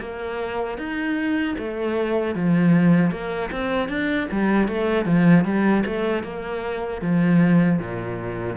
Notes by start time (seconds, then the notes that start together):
0.00 A#3
0.78 D#4
1.58 A3
2.35 F3
3.11 A#3
3.51 C4
3.89 D4
4.31 G3
4.68 A3
5.05 F3
5.44 G3
5.86 A3
6.23 A#3
7.01 F3
7.79 A#2